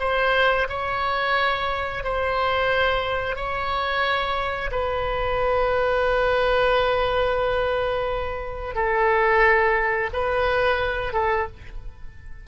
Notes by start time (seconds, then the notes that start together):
0.00 C5
0.70 C#5
2.04 C5
3.36 C#5
4.72 B4
8.75 A4
10.13 B4
11.13 A4